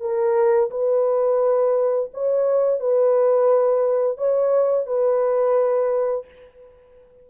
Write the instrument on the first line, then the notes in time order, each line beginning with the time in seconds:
horn
0.00 A#4
0.70 B4
2.13 C#5
2.80 B4
4.17 C#5
4.86 B4